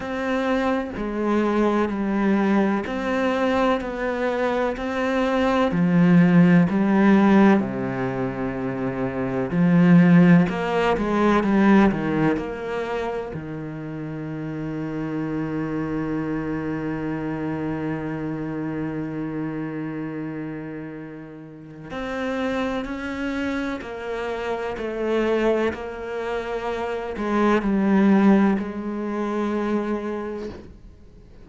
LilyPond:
\new Staff \with { instrumentName = "cello" } { \time 4/4 \tempo 4 = 63 c'4 gis4 g4 c'4 | b4 c'4 f4 g4 | c2 f4 ais8 gis8 | g8 dis8 ais4 dis2~ |
dis1~ | dis2. c'4 | cis'4 ais4 a4 ais4~ | ais8 gis8 g4 gis2 | }